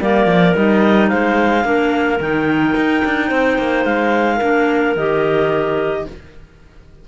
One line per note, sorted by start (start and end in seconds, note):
0.00 0.26 G3
0.00 0.55 A#3
0.00 1.09 A#4
0.00 0.55 D5
0.26 0.53 F3
0.55 1.11 G3
0.55 1.62 D#4
0.55 1.08 D#5
1.08 1.64 G#3
1.08 1.64 C5
1.08 2.18 F5
1.62 2.19 A#3
1.62 2.18 D4
1.62 3.28 A#4
2.20 2.75 D#3
2.20 4.40 D#4
2.20 3.84 G5
2.75 3.03 D#4
3.05 3.31 D4
3.28 3.58 C4
3.28 4.36 C5
3.58 3.85 A#3
3.84 4.40 G#3
3.84 4.94 F5
4.36 4.96 A#3
4.36 4.95 D4
4.36 6.01 A#4
4.96 6.06 D#3
4.96 6.07 G4
4.96 6.06 D#5